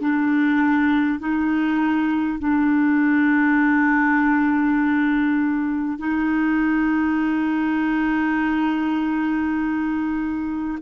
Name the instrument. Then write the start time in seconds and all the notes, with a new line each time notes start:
clarinet
0.00 D4
1.19 D#4
2.39 D4
5.98 D#4